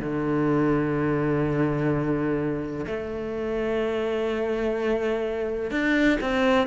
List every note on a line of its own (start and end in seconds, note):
0.00 2.86 D3
2.87 5.71 A3
5.71 6.19 D4
6.21 6.67 C4